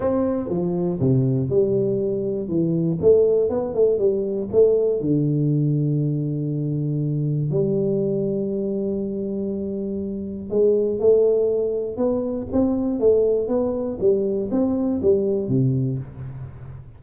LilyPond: \new Staff \with { instrumentName = "tuba" } { \time 4/4 \tempo 4 = 120 c'4 f4 c4 g4~ | g4 e4 a4 b8 a8 | g4 a4 d2~ | d2. g4~ |
g1~ | g4 gis4 a2 | b4 c'4 a4 b4 | g4 c'4 g4 c4 | }